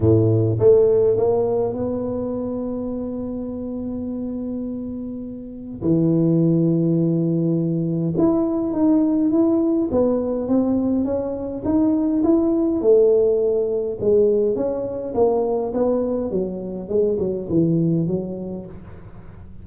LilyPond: \new Staff \with { instrumentName = "tuba" } { \time 4/4 \tempo 4 = 103 a,4 a4 ais4 b4~ | b1~ | b2 e2~ | e2 e'4 dis'4 |
e'4 b4 c'4 cis'4 | dis'4 e'4 a2 | gis4 cis'4 ais4 b4 | fis4 gis8 fis8 e4 fis4 | }